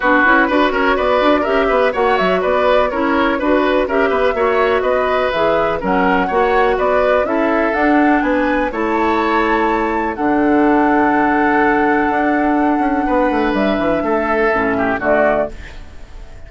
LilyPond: <<
  \new Staff \with { instrumentName = "flute" } { \time 4/4 \tempo 4 = 124 b'4. cis''8 d''4 e''4 | fis''8 e''8 d''4 cis''4 b'4 | e''2 dis''4 e''4 | fis''2 d''4 e''4 |
fis''4 gis''4 a''2~ | a''4 fis''2.~ | fis''1 | e''2. d''4 | }
  \new Staff \with { instrumentName = "oboe" } { \time 4/4 fis'4 b'8 ais'8 b'4 ais'8 b'8 | cis''4 b'4 ais'4 b'4 | ais'8 b'8 cis''4 b'2 | ais'4 cis''4 b'4 a'4~ |
a'4 b'4 cis''2~ | cis''4 a'2.~ | a'2. b'4~ | b'4 a'4. g'8 fis'4 | }
  \new Staff \with { instrumentName = "clarinet" } { \time 4/4 d'8 e'8 fis'2 g'4 | fis'2 e'4 fis'4 | g'4 fis'2 gis'4 | cis'4 fis'2 e'4 |
d'2 e'2~ | e'4 d'2.~ | d'1~ | d'2 cis'4 a4 | }
  \new Staff \with { instrumentName = "bassoon" } { \time 4/4 b8 cis'8 d'8 cis'8 b8 d'8 cis'8 b8 | ais8 fis8 b4 cis'4 d'4 | cis'8 b8 ais4 b4 e4 | fis4 ais4 b4 cis'4 |
d'4 b4 a2~ | a4 d2.~ | d4 d'4. cis'8 b8 a8 | g8 e8 a4 a,4 d4 | }
>>